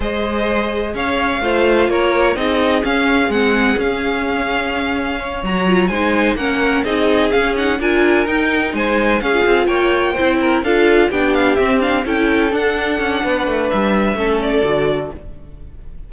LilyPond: <<
  \new Staff \with { instrumentName = "violin" } { \time 4/4 \tempo 4 = 127 dis''2 f''2 | cis''4 dis''4 f''4 fis''4 | f''2.~ f''8 ais''8~ | ais''8 gis''4 fis''4 dis''4 f''8 |
fis''8 gis''4 g''4 gis''4 f''8~ | f''8 g''2 f''4 g''8 | f''8 e''8 f''8 g''4 fis''4.~ | fis''4 e''4. d''4. | }
  \new Staff \with { instrumentName = "violin" } { \time 4/4 c''2 cis''4 c''4 | ais'4 gis'2.~ | gis'2. cis''4~ | cis''8 c''4 ais'4 gis'4.~ |
gis'8 ais'2 c''4 gis'8~ | gis'8 cis''4 c''8 ais'8 a'4 g'8~ | g'4. a'2~ a'8 | b'2 a'2 | }
  \new Staff \with { instrumentName = "viola" } { \time 4/4 gis'2. f'4~ | f'4 dis'4 cis'4 c'4 | cis'2.~ cis'8 fis'8 | f'8 dis'4 cis'4 dis'4 cis'8 |
dis'8 f'4 dis'2 cis'16 f'16~ | f'4. e'4 f'4 d'8~ | d'8 c'8 d'8 e'4 d'4.~ | d'2 cis'4 fis'4 | }
  \new Staff \with { instrumentName = "cello" } { \time 4/4 gis2 cis'4 a4 | ais4 c'4 cis'4 gis4 | cis'2.~ cis'8 fis8~ | fis8 gis4 ais4 c'4 cis'8~ |
cis'8 d'4 dis'4 gis4 cis'8 | c'8 ais4 c'4 d'4 b8~ | b8 c'4 cis'4 d'4 cis'8 | b8 a8 g4 a4 d4 | }
>>